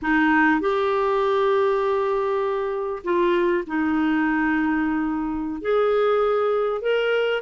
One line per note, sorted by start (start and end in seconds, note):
0.02 0.60 D#4
0.60 3.02 G4
3.04 3.64 F4
3.66 5.61 D#4
5.61 6.81 G#4
6.81 7.42 A#4